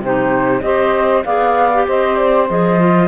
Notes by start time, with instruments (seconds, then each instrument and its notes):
0.00 cello C3, clarinet D#4, saxophone G4, flute C5
0.61 cello C4, clarinet G4, saxophone C5, flute D#5
1.25 cello B3, clarinet G#4, saxophone D5, flute F5
1.74 clarinet G4
1.87 cello C4, saxophone C5, flute D#5
2.16 flute D5
2.49 cello F3, clarinet G#4, flute D#5
2.80 clarinet F4